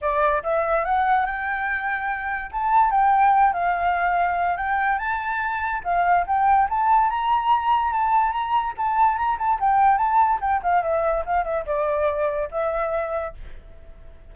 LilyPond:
\new Staff \with { instrumentName = "flute" } { \time 4/4 \tempo 4 = 144 d''4 e''4 fis''4 g''4~ | g''2 a''4 g''4~ | g''8 f''2~ f''8 g''4 | a''2 f''4 g''4 |
a''4 ais''2 a''4 | ais''4 a''4 ais''8 a''8 g''4 | a''4 g''8 f''8 e''4 f''8 e''8 | d''2 e''2 | }